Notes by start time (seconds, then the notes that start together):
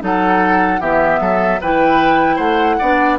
0.00 F#3 D#4 A4 F#5
0.80 E3 B3 G4 E5
1.20 F#3 A4
1.61 E3 E4 B4 G5
2.35 A3 C5 F#5
2.79 B3 D4 D5